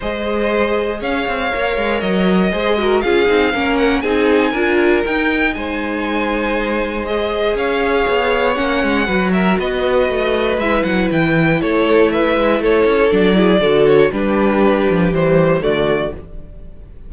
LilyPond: <<
  \new Staff \with { instrumentName = "violin" } { \time 4/4 \tempo 4 = 119 dis''2 f''2 | dis''2 f''4. fis''8 | gis''2 g''4 gis''4~ | gis''2 dis''4 f''4~ |
f''4 fis''4. e''8 dis''4~ | dis''4 e''8 fis''8 g''4 cis''4 | e''4 cis''4 d''4. cis''8 | b'2 c''4 d''4 | }
  \new Staff \with { instrumentName = "violin" } { \time 4/4 c''2 cis''2~ | cis''4 c''8 ais'8 gis'4 ais'4 | gis'4 ais'2 c''4~ | c''2. cis''4~ |
cis''2 b'8 ais'8 b'4~ | b'2. a'4 | b'4 a'4. gis'8 a'4 | g'2. fis'4 | }
  \new Staff \with { instrumentName = "viola" } { \time 4/4 gis'2. ais'4~ | ais'4 gis'8 fis'8 f'8 dis'8 cis'4 | dis'4 f'4 dis'2~ | dis'2 gis'2~ |
gis'4 cis'4 fis'2~ | fis'4 e'2.~ | e'2 d'8 e'8 fis'4 | d'2 g4 a4 | }
  \new Staff \with { instrumentName = "cello" } { \time 4/4 gis2 cis'8 c'8 ais8 gis8 | fis4 gis4 cis'8 c'8 ais4 | c'4 d'4 dis'4 gis4~ | gis2. cis'4 |
b4 ais8 gis8 fis4 b4 | a4 gis8 fis8 e4 a4~ | a8 gis8 a8 cis'8 fis4 d4 | g4. f8 e4 d4 | }
>>